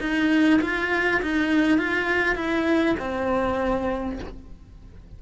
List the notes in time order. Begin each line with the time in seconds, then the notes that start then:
0.00 D#4
0.61 F4
1.22 D#4
1.78 F4
2.35 E4
2.99 C4